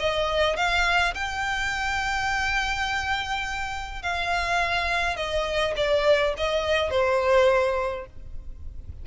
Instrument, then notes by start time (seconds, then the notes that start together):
violin
0.00 D#5
0.57 F5
1.15 G5
4.03 F5
5.17 D#5
5.77 D5
6.37 D#5
6.91 C5